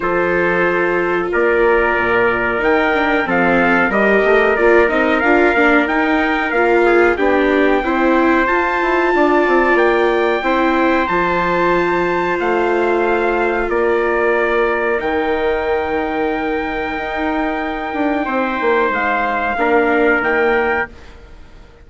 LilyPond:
<<
  \new Staff \with { instrumentName = "trumpet" } { \time 4/4 \tempo 4 = 92 c''2 d''2 | g''4 f''4 dis''4 d''8 dis''8 | f''4 g''4 f''4 g''4~ | g''4 a''2 g''4~ |
g''4 a''2 f''4~ | f''4 d''2 g''4~ | g''1~ | g''4 f''2 g''4 | }
  \new Staff \with { instrumentName = "trumpet" } { \time 4/4 a'2 ais'2~ | ais'4 a'4 ais'2~ | ais'2~ ais'8 gis'8 g'4 | c''2 d''2 |
c''1~ | c''4 ais'2.~ | ais'1 | c''2 ais'2 | }
  \new Staff \with { instrumentName = "viola" } { \time 4/4 f'1 | dis'8 d'8 c'4 g'4 f'8 dis'8 | f'8 d'8 dis'4 f'4 d'4 | e'4 f'2. |
e'4 f'2.~ | f'2. dis'4~ | dis'1~ | dis'2 d'4 ais4 | }
  \new Staff \with { instrumentName = "bassoon" } { \time 4/4 f2 ais4 ais,4 | dis4 f4 g8 a8 ais8 c'8 | d'8 ais8 dis'4 ais4 b4 | c'4 f'8 e'8 d'8 c'8 ais4 |
c'4 f2 a4~ | a4 ais2 dis4~ | dis2 dis'4. d'8 | c'8 ais8 gis4 ais4 dis4 | }
>>